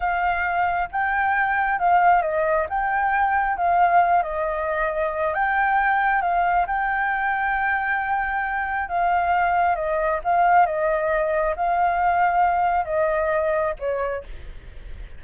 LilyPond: \new Staff \with { instrumentName = "flute" } { \time 4/4 \tempo 4 = 135 f''2 g''2 | f''4 dis''4 g''2 | f''4. dis''2~ dis''8 | g''2 f''4 g''4~ |
g''1 | f''2 dis''4 f''4 | dis''2 f''2~ | f''4 dis''2 cis''4 | }